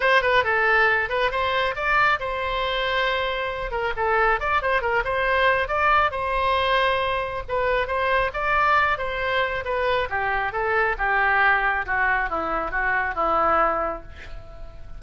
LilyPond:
\new Staff \with { instrumentName = "oboe" } { \time 4/4 \tempo 4 = 137 c''8 b'8 a'4. b'8 c''4 | d''4 c''2.~ | c''8 ais'8 a'4 d''8 c''8 ais'8 c''8~ | c''4 d''4 c''2~ |
c''4 b'4 c''4 d''4~ | d''8 c''4. b'4 g'4 | a'4 g'2 fis'4 | e'4 fis'4 e'2 | }